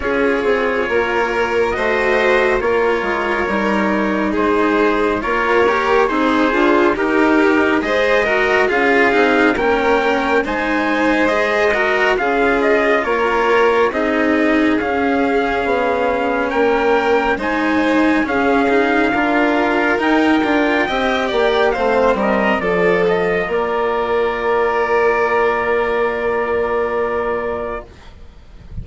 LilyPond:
<<
  \new Staff \with { instrumentName = "trumpet" } { \time 4/4 \tempo 4 = 69 cis''2 dis''4 cis''4~ | cis''4 c''4 cis''4 c''4 | ais'4 dis''4 f''4 g''4 | gis''4 dis''4 f''8 dis''8 cis''4 |
dis''4 f''2 g''4 | gis''4 f''2 g''4~ | g''4 f''8 dis''8 d''8 dis''8 d''4~ | d''1 | }
  \new Staff \with { instrumentName = "violin" } { \time 4/4 gis'4 ais'4 c''4 ais'4~ | ais'4 gis'4 ais'4 dis'8 f'8 | g'4 c''8 ais'8 gis'4 ais'4 | c''4. ais'8 gis'4 ais'4 |
gis'2. ais'4 | c''4 gis'4 ais'2 | dis''8 d''8 c''8 ais'8 a'4 ais'4~ | ais'1 | }
  \new Staff \with { instrumentName = "cello" } { \time 4/4 f'2 fis'4 f'4 | dis'2 f'8 g'8 gis'4 | dis'4 gis'8 fis'8 f'8 dis'8 cis'4 | dis'4 gis'8 fis'8 f'2 |
dis'4 cis'2. | dis'4 cis'8 dis'8 f'4 dis'8 f'8 | g'4 c'4 f'2~ | f'1 | }
  \new Staff \with { instrumentName = "bassoon" } { \time 4/4 cis'8 c'8 ais4 a4 ais8 gis8 | g4 gis4 ais4 c'8 d'8 | dis'4 gis4 cis'8 c'8 ais4 | gis2 cis'4 ais4 |
c'4 cis'4 b4 ais4 | gis4 cis'4 d'4 dis'8 d'8 | c'8 ais8 a8 g8 f4 ais4~ | ais1 | }
>>